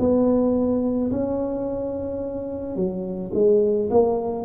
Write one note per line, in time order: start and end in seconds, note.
0.00 1.11 B3
1.11 2.76 C#4
2.76 3.32 F#3
3.34 3.89 G#3
3.90 4.45 A#3